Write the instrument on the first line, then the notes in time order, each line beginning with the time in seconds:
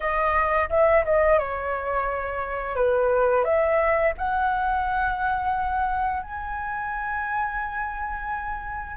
flute
0.00 D#5
0.69 E5
1.04 D#5
1.39 C#5
2.75 B4
3.44 E5
4.17 F#5
6.22 G#5